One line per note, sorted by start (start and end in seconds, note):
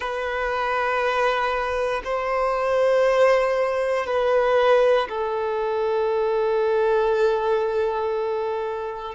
0.00 2.02 B4
2.04 4.06 C5
4.06 5.08 B4
5.08 9.14 A4